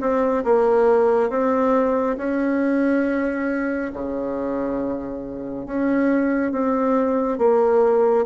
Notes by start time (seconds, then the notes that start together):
0.00 C4
0.44 A#3
1.29 C4
2.17 C#4
3.92 C#3
5.65 C#4
6.51 C4
7.38 A#3